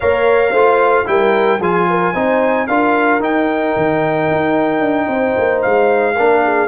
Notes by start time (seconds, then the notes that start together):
0.00 A#3 A#4 C#5 F5
0.50 A3 F4 C5
1.05 G3 E4 A#4 G5
1.59 F3 F4 G#4 G#5
1.89 A#4
2.13 C4 D#4 C5
2.67 D4 F4 A#4 F5
3.19 D#4 G5
3.76 D#3
4.30 D#4
4.79 D4
5.07 C4 C5
5.37 A#3
5.61 G#3 F5
6.15 A#3 D4 A#4
6.43 G#4